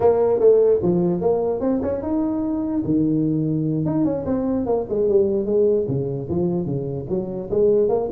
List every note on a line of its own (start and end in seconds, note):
0.00 0.39 A#3
0.39 0.80 A3
0.82 1.21 F3
1.21 1.60 A#3
1.60 1.80 C4
1.82 2.01 C#4
2.01 2.82 D#4
2.85 3.85 D#3
3.85 4.04 D#4
4.04 4.25 C#4
4.25 4.66 C4
4.66 4.86 A#3
4.89 5.08 G#3
5.08 5.45 G3
5.45 5.86 G#3
5.88 6.28 C#3
6.29 6.65 F3
6.65 7.06 C#3
7.09 7.49 F#3
7.50 7.88 G#3
7.88 8.09 A#3